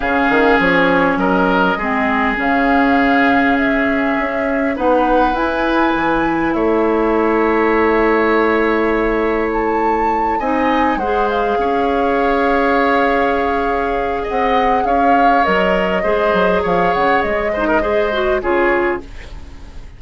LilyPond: <<
  \new Staff \with { instrumentName = "flute" } { \time 4/4 \tempo 4 = 101 f''4 cis''4 dis''2 | f''2 e''2 | fis''4 gis''2 e''4~ | e''1 |
a''4. gis''4 fis''8 f''4~ | f''1 | fis''4 f''4 dis''2 | f''8 fis''8 dis''2 cis''4 | }
  \new Staff \with { instrumentName = "oboe" } { \time 4/4 gis'2 ais'4 gis'4~ | gis'1 | b'2. cis''4~ | cis''1~ |
cis''4. dis''4 c''4 cis''8~ | cis''1 | dis''4 cis''2 c''4 | cis''4. c''16 ais'16 c''4 gis'4 | }
  \new Staff \with { instrumentName = "clarinet" } { \time 4/4 cis'2. c'4 | cis'1 | dis'4 e'2.~ | e'1~ |
e'4. dis'4 gis'4.~ | gis'1~ | gis'2 ais'4 gis'4~ | gis'4. dis'8 gis'8 fis'8 f'4 | }
  \new Staff \with { instrumentName = "bassoon" } { \time 4/4 cis8 dis8 f4 fis4 gis4 | cis2. cis'4 | b4 e'4 e4 a4~ | a1~ |
a4. c'4 gis4 cis'8~ | cis'1 | c'4 cis'4 fis4 gis8 fis8 | f8 cis8 gis2 cis4 | }
>>